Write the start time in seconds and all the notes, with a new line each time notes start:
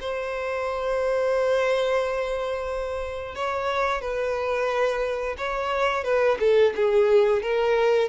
0.00 C5
3.35 C#5
4.01 B4
5.37 C#5
6.04 B4
6.39 A4
6.75 G#4
7.42 A#4